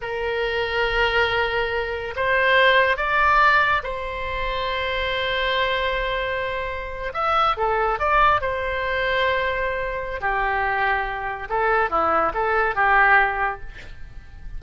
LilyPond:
\new Staff \with { instrumentName = "oboe" } { \time 4/4 \tempo 4 = 141 ais'1~ | ais'4 c''2 d''4~ | d''4 c''2.~ | c''1~ |
c''8. e''4 a'4 d''4 c''16~ | c''1 | g'2. a'4 | e'4 a'4 g'2 | }